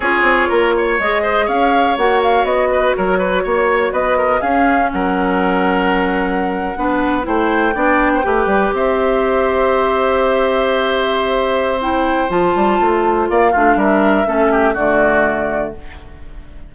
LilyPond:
<<
  \new Staff \with { instrumentName = "flute" } { \time 4/4 \tempo 4 = 122 cis''2 dis''4 f''4 | fis''8 f''8 dis''4 cis''2 | dis''4 f''4 fis''2~ | fis''2~ fis''8. g''4~ g''16~ |
g''4.~ g''16 e''2~ e''16~ | e''1 | g''4 a''2 f''4 | e''2 d''2 | }
  \new Staff \with { instrumentName = "oboe" } { \time 4/4 gis'4 ais'8 cis''4 c''8 cis''4~ | cis''4. b'8 ais'8 b'8 cis''4 | b'8 ais'8 gis'4 ais'2~ | ais'4.~ ais'16 b'4 c''4 d''16~ |
d''8 c''16 b'4 c''2~ c''16~ | c''1~ | c''2. d''8 f'8 | ais'4 a'8 g'8 fis'2 | }
  \new Staff \with { instrumentName = "clarinet" } { \time 4/4 f'2 gis'2 | fis'1~ | fis'4 cis'2.~ | cis'4.~ cis'16 d'4 e'4 d'16~ |
d'8. g'2.~ g'16~ | g'1 | e'4 f'2~ f'8 d'8~ | d'4 cis'4 a2 | }
  \new Staff \with { instrumentName = "bassoon" } { \time 4/4 cis'8 c'8 ais4 gis4 cis'4 | ais4 b4 fis4 ais4 | b4 cis'4 fis2~ | fis4.~ fis16 b4 a4 b16~ |
b8. a8 g8 c'2~ c'16~ | c'1~ | c'4 f8 g8 a4 ais8 a8 | g4 a4 d2 | }
>>